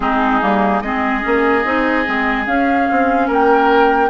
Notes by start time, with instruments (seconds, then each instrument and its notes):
0.00 bassoon G#3, clarinet C4, oboe D#4, flute G#4
0.41 bassoon G3, clarinet A#3
0.81 bassoon G#3, clarinet C4, oboe G#4, flute D#5
1.21 bassoon A#3, clarinet C#4
1.65 bassoon C4, clarinet D#4
2.05 bassoon G#3, clarinet C4
2.46 bassoon C#4, clarinet C#4, flute F5
2.90 bassoon C4
3.27 bassoon A#3, oboe A#4, flute G5